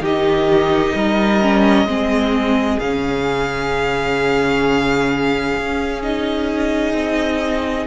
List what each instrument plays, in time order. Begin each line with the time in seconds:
0.00 cello D#3, viola D#4, violin G4 D#5
0.95 cello G3, violin A#4
1.41 viola C#4
1.85 cello G#3, viola C4, violin G#4
2.79 cello C#3, viola C#4, violin F5
5.57 cello C#4
6.02 viola D#4, violin D#5
6.93 cello C4